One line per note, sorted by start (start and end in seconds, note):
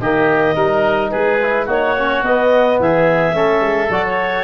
0.00 0.56 D#3
0.00 0.56 A#3
0.00 0.55 G4
0.00 1.11 D#5
0.55 1.12 G3
0.55 1.40 D#4
0.55 1.11 A#4
1.11 1.68 G#3
1.11 1.66 G#4
1.11 1.67 B4
1.43 1.69 E4
1.66 2.23 A#3
1.66 1.97 D#4
1.66 2.77 F#4
1.66 2.24 C#5
1.97 2.25 C#4
2.23 2.78 B3
2.23 3.34 B3
2.23 2.80 D#5
2.80 3.34 E3
2.80 3.36 G#4
2.80 3.91 E5
3.34 3.61 A3
3.34 3.89 C#4
3.34 4.44 A4
3.61 3.89 G#3
3.89 4.44 F#3
3.89 4.44 F#4
3.89 4.05 D5
4.06 4.44 C#5